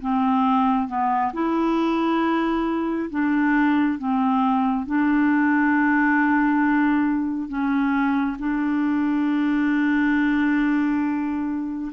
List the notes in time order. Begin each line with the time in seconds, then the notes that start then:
0.00 C4
0.88 B3
1.33 E4
3.10 D4
3.98 C4
4.86 D4
7.48 C#4
8.39 D4